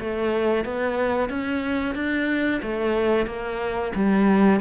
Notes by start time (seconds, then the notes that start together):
0.00 A3
0.65 B3
1.29 C#4
1.95 D4
2.62 A3
3.27 A#3
3.95 G3